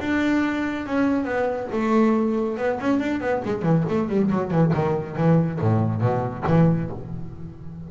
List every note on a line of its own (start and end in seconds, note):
0.00 0.86 D4
0.86 1.24 C#4
1.24 1.68 B3
1.72 2.57 A3
2.57 2.79 B3
2.80 3.00 C#4
3.00 3.20 D4
3.20 3.42 B3
3.44 3.62 G#3
3.62 3.84 E3
3.89 4.08 A3
4.08 4.30 G3
4.31 4.51 F#3
4.51 4.73 E3
4.73 5.16 D#3
5.16 5.59 E3
5.60 6.01 A2
6.01 6.44 B2
6.47 6.90 E3